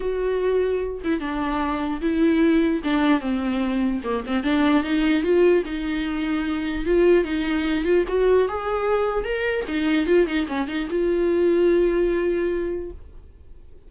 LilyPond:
\new Staff \with { instrumentName = "viola" } { \time 4/4 \tempo 4 = 149 fis'2~ fis'8 e'8 d'4~ | d'4 e'2 d'4 | c'2 ais8 c'8 d'4 | dis'4 f'4 dis'2~ |
dis'4 f'4 dis'4. f'8 | fis'4 gis'2 ais'4 | dis'4 f'8 dis'8 cis'8 dis'8 f'4~ | f'1 | }